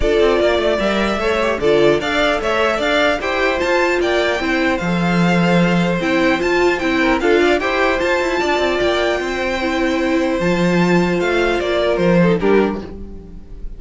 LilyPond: <<
  \new Staff \with { instrumentName = "violin" } { \time 4/4 \tempo 4 = 150 d''2 e''2 | d''4 f''4 e''4 f''4 | g''4 a''4 g''2 | f''2. g''4 |
a''4 g''4 f''4 g''4 | a''2 g''2~ | g''2 a''2 | f''4 d''4 c''4 ais'4 | }
  \new Staff \with { instrumentName = "violin" } { \time 4/4 a'4 d''2 cis''4 | a'4 d''4 cis''4 d''4 | c''2 d''4 c''4~ | c''1~ |
c''4. ais'8 a'8 d''8 c''4~ | c''4 d''2 c''4~ | c''1~ | c''4. ais'4 a'8 g'4 | }
  \new Staff \with { instrumentName = "viola" } { \time 4/4 f'2 ais'4 a'8 g'8 | f'4 a'2. | g'4 f'2 e'4 | a'2. e'4 |
f'4 e'4 f'4 g'4 | f'1 | e'2 f'2~ | f'2~ f'8 dis'8 d'4 | }
  \new Staff \with { instrumentName = "cello" } { \time 4/4 d'8 c'8 ais8 a8 g4 a4 | d4 d'4 a4 d'4 | e'4 f'4 ais4 c'4 | f2. c'4 |
f'4 c'4 d'4 e'4 | f'8 e'8 d'8 c'8 ais4 c'4~ | c'2 f2 | a4 ais4 f4 g4 | }
>>